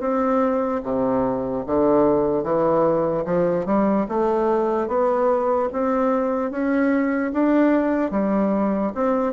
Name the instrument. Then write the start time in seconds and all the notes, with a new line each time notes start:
bassoon
0.00 C4
0.83 C3
1.66 D3
2.43 E3
3.25 F3
3.65 G3
4.08 A3
4.88 B3
5.72 C4
6.50 C#4
7.33 D4
8.11 G3
8.94 C4